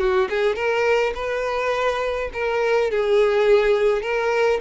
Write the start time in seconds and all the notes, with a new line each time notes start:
0.00 F#4
0.30 G#4
0.56 A#4
1.15 B4
2.33 A#4
2.91 G#4
4.03 A#4